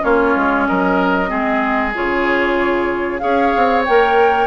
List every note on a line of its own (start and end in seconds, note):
0.00 0.36 A#3
0.00 1.27 C#4
0.00 0.67 F4
0.00 0.67 C#5
0.36 0.68 G#3
0.67 1.31 F#3
0.67 1.29 A#4
0.67 1.94 D#5
1.27 1.95 G#3
1.27 1.91 C4
1.27 3.21 G#4
1.94 3.23 C#3
1.94 3.20 F4
1.94 3.19 C#5
3.19 3.55 C#4
3.19 3.84 G#4
3.19 4.47 C#5
3.19 3.83 F5
3.55 3.87 C4
3.85 4.47 A#3
3.85 4.47 A#4
3.85 4.47 G5